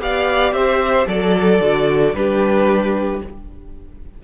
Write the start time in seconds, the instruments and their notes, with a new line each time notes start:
0.00 cello B3, viola G4, violin D5 F5
0.52 cello C4, violin C5 E5
1.06 cello F#3, viola A4, violin A4 D5
1.60 cello D3, viola F#4
2.14 cello G3, viola D4, violin G4 B4